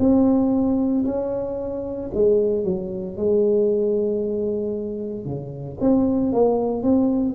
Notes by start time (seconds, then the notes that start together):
0.00 C4
1.05 C#4
2.14 G#3
2.64 F#3
3.17 G#3
5.25 C#3
5.81 C4
6.33 A#3
6.83 C4